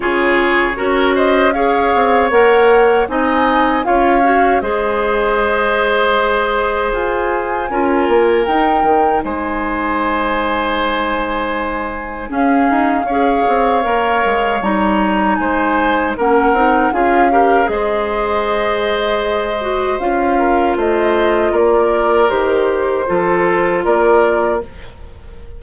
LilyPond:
<<
  \new Staff \with { instrumentName = "flute" } { \time 4/4 \tempo 4 = 78 cis''4. dis''8 f''4 fis''4 | gis''4 f''4 dis''2~ | dis''4 gis''2 g''4 | gis''1 |
f''2. ais''4 | gis''4 fis''4 f''4 dis''4~ | dis''2 f''4 dis''4 | d''4 c''2 d''4 | }
  \new Staff \with { instrumentName = "oboe" } { \time 4/4 gis'4 ais'8 c''8 cis''2 | dis''4 cis''4 c''2~ | c''2 ais'2 | c''1 |
gis'4 cis''2. | c''4 ais'4 gis'8 ais'8 c''4~ | c''2~ c''8 ais'8 c''4 | ais'2 a'4 ais'4 | }
  \new Staff \with { instrumentName = "clarinet" } { \time 4/4 f'4 fis'4 gis'4 ais'4 | dis'4 f'8 fis'8 gis'2~ | gis'2 f'4 dis'4~ | dis'1 |
cis'4 gis'4 ais'4 dis'4~ | dis'4 cis'8 dis'8 f'8 g'8 gis'4~ | gis'4. fis'8 f'2~ | f'4 g'4 f'2 | }
  \new Staff \with { instrumentName = "bassoon" } { \time 4/4 cis4 cis'4. c'8 ais4 | c'4 cis'4 gis2~ | gis4 f'4 cis'8 ais8 dis'8 dis8 | gis1 |
cis'8 dis'8 cis'8 c'8 ais8 gis8 g4 | gis4 ais8 c'8 cis'4 gis4~ | gis2 cis'4 a4 | ais4 dis4 f4 ais4 | }
>>